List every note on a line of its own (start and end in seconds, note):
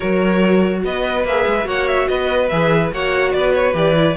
0.00 0.84 F#3
0.00 1.24 F#4
0.00 0.80 A#4
0.00 0.84 C#5
0.84 1.24 B3
0.84 1.66 B4
0.84 1.26 D#5
1.24 1.45 A#3
1.24 1.64 G#4
1.24 1.68 E5
1.45 1.65 G#3
1.64 2.06 A#3
1.64 2.47 F#4
1.64 2.08 C#5
1.64 1.87 F#5
1.87 2.08 E5
2.08 2.50 B3
2.08 2.93 B4
2.08 2.48 D#5
2.48 2.92 E3
2.48 2.93 G#4
2.48 2.90 E5
2.92 3.33 A#3
2.92 3.74 F#4
2.92 3.35 C#5
2.92 3.32 F#5
3.32 3.73 B3
3.32 4.16 B4
3.32 3.52 D5
3.53 3.74 C#5
3.73 4.15 E3
3.73 3.94 G4
3.73 4.16 D5
3.95 4.16 E4